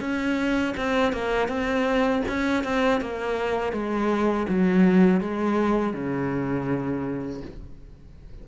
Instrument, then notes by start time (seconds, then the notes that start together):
cello
0.00 C#4
0.77 C4
1.12 A#3
1.48 C4
2.28 C#4
2.64 C4
3.01 A#3
3.72 G#3
4.48 F#3
5.21 G#3
5.93 C#3